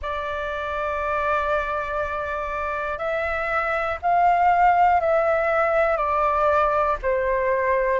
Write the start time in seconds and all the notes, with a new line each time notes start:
0.02 D5
2.98 E5
4.01 F5
5.00 E5
5.96 D5
7.02 C5